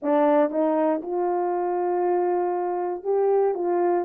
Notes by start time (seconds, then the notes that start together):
0.02 D4
0.50 D#4
1.02 F4
3.03 G4
3.54 F4